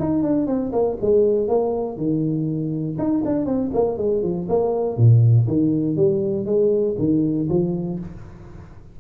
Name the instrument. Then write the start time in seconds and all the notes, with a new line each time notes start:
tuba
0.00 D#4
0.23 D4
0.47 C4
0.73 A#3
1.01 G#3
1.48 A#3
1.98 D#3
2.99 D#4
3.26 D4
3.46 C4
3.74 A#3
3.98 G#3
4.23 F3
4.49 A#3
4.97 A#2
5.48 D#3
5.97 G3
6.46 G#3
6.99 D#3
7.50 F3